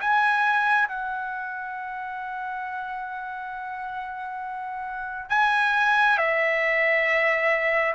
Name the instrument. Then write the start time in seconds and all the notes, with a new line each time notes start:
trumpet
0.00 G#5
0.88 F#5
5.29 G#5
6.18 E5